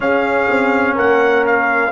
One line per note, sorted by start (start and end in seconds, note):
0.00 1.91 C#4
0.00 0.49 C#4
0.00 0.95 G#4
0.00 0.97 F5
0.49 0.97 C4
0.95 1.92 A#3
0.95 1.91 A#4
0.95 1.46 F#5
1.46 1.92 F5